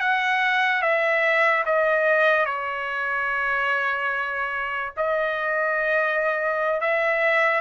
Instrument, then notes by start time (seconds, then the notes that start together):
trumpet
0.00 F#5
0.82 E5
1.66 D#5
2.46 C#5
4.97 D#5
6.81 E5